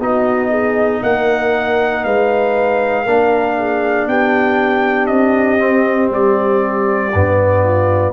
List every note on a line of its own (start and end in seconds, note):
0.00 1.02 B3
0.00 3.06 D#4
0.00 0.50 F#4
0.00 1.03 D#5
0.50 1.00 G#4
1.02 2.04 A#3
1.02 2.04 A#4
1.02 2.04 F#5
2.04 3.06 G#3
2.04 3.04 B4
2.04 4.07 F5
3.04 4.07 A#3
3.04 5.58 D4
3.04 3.54 A#4
3.57 4.08 G#4
4.07 5.09 B3
4.07 7.63 G4
4.07 5.06 G5
5.06 6.10 C4
5.06 6.08 D#5
5.58 7.11 C4
6.10 7.11 G3
6.10 8.13 D5
7.13 8.13 G2
7.13 8.13 B3
7.63 8.13 F4